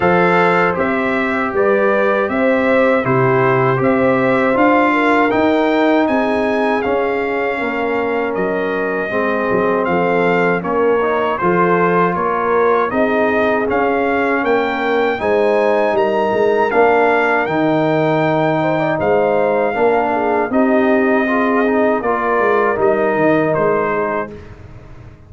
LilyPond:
<<
  \new Staff \with { instrumentName = "trumpet" } { \time 4/4 \tempo 4 = 79 f''4 e''4 d''4 e''4 | c''4 e''4 f''4 g''4 | gis''4 f''2 dis''4~ | dis''4 f''4 cis''4 c''4 |
cis''4 dis''4 f''4 g''4 | gis''4 ais''4 f''4 g''4~ | g''4 f''2 dis''4~ | dis''4 d''4 dis''4 c''4 | }
  \new Staff \with { instrumentName = "horn" } { \time 4/4 c''2 b'4 c''4 | g'4 c''4. ais'4. | gis'2 ais'2 | gis'4 a'4 ais'4 a'4 |
ais'4 gis'2 ais'4 | c''4 ais'2.~ | ais'8 c''16 d''16 c''4 ais'8 gis'8 g'4 | gis'4 ais'2~ ais'8 gis'8 | }
  \new Staff \with { instrumentName = "trombone" } { \time 4/4 a'4 g'2. | e'4 g'4 f'4 dis'4~ | dis'4 cis'2. | c'2 cis'8 dis'8 f'4~ |
f'4 dis'4 cis'2 | dis'2 d'4 dis'4~ | dis'2 d'4 dis'4 | f'8 dis'8 f'4 dis'2 | }
  \new Staff \with { instrumentName = "tuba" } { \time 4/4 f4 c'4 g4 c'4 | c4 c'4 d'4 dis'4 | c'4 cis'4 ais4 fis4 | gis8 fis8 f4 ais4 f4 |
ais4 c'4 cis'4 ais4 | gis4 g8 gis8 ais4 dis4~ | dis4 gis4 ais4 c'4~ | c'4 ais8 gis8 g8 dis8 gis4 | }
>>